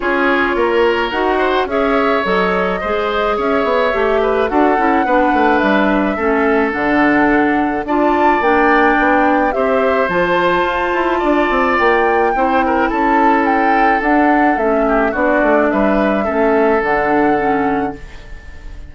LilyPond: <<
  \new Staff \with { instrumentName = "flute" } { \time 4/4 \tempo 4 = 107 cis''2 fis''4 e''4 | dis''2 e''2 | fis''2 e''2 | fis''2 a''4 g''4~ |
g''4 e''4 a''2~ | a''4 g''2 a''4 | g''4 fis''4 e''4 d''4 | e''2 fis''2 | }
  \new Staff \with { instrumentName = "oboe" } { \time 4/4 gis'4 ais'4. c''8 cis''4~ | cis''4 c''4 cis''4. b'8 | a'4 b'2 a'4~ | a'2 d''2~ |
d''4 c''2. | d''2 c''8 ais'8 a'4~ | a'2~ a'8 g'8 fis'4 | b'4 a'2. | }
  \new Staff \with { instrumentName = "clarinet" } { \time 4/4 f'2 fis'4 gis'4 | a'4 gis'2 g'4 | fis'8 e'8 d'2 cis'4 | d'2 f'4 d'4~ |
d'4 g'4 f'2~ | f'2 e'2~ | e'4 d'4 cis'4 d'4~ | d'4 cis'4 d'4 cis'4 | }
  \new Staff \with { instrumentName = "bassoon" } { \time 4/4 cis'4 ais4 dis'4 cis'4 | fis4 gis4 cis'8 b8 a4 | d'8 cis'8 b8 a8 g4 a4 | d2 d'4 ais4 |
b4 c'4 f4 f'8 e'8 | d'8 c'8 ais4 c'4 cis'4~ | cis'4 d'4 a4 b8 a8 | g4 a4 d2 | }
>>